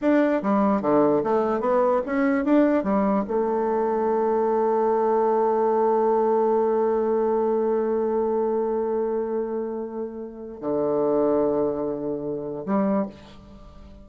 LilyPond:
\new Staff \with { instrumentName = "bassoon" } { \time 4/4 \tempo 4 = 147 d'4 g4 d4 a4 | b4 cis'4 d'4 g4 | a1~ | a1~ |
a1~ | a1~ | a2 d2~ | d2. g4 | }